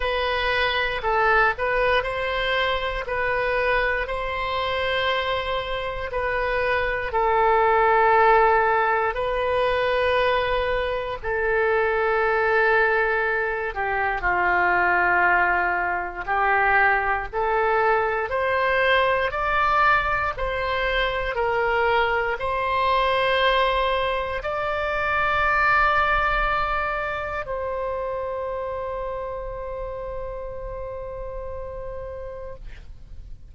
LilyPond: \new Staff \with { instrumentName = "oboe" } { \time 4/4 \tempo 4 = 59 b'4 a'8 b'8 c''4 b'4 | c''2 b'4 a'4~ | a'4 b'2 a'4~ | a'4. g'8 f'2 |
g'4 a'4 c''4 d''4 | c''4 ais'4 c''2 | d''2. c''4~ | c''1 | }